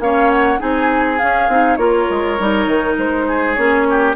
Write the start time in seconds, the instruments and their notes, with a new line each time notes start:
0.00 bassoon A#3, clarinet C#4, oboe C#5, flute F5
0.30 flute F#5
0.59 bassoon C4, clarinet D#4, oboe G#4, flute G#5
1.19 clarinet C#4, bassoon C#4, flute F5
1.49 bassoon C4, clarinet D#4
1.77 bassoon A#3, clarinet F4, oboe A#4, flute C#5
2.10 bassoon G#3
2.40 bassoon G3, clarinet D#4
2.67 bassoon D#3
2.98 bassoon G#3, flute C5
3.28 oboe G#4
3.55 bassoon A#3, clarinet C#4, flute C#5
3.90 oboe G4